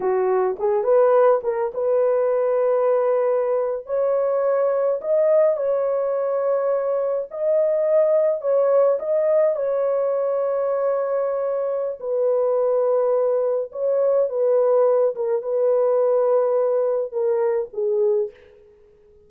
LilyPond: \new Staff \with { instrumentName = "horn" } { \time 4/4 \tempo 4 = 105 fis'4 gis'8 b'4 ais'8 b'4~ | b'2~ b'8. cis''4~ cis''16~ | cis''8. dis''4 cis''2~ cis''16~ | cis''8. dis''2 cis''4 dis''16~ |
dis''8. cis''2.~ cis''16~ | cis''4 b'2. | cis''4 b'4. ais'8 b'4~ | b'2 ais'4 gis'4 | }